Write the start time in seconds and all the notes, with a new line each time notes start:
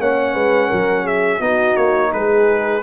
0.00 A#3 C#4 C#5 F#5
0.34 G#3 B4
0.69 F#3 A#4
1.04 G#4 E5
1.40 B3 D#4 F#4 D#5
1.77 A#3 C#5
2.12 G#3 G#4 B4